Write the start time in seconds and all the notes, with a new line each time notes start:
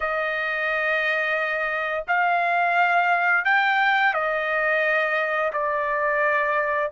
0.00 D#5
2.07 F5
3.44 G5
4.13 D#5
5.52 D5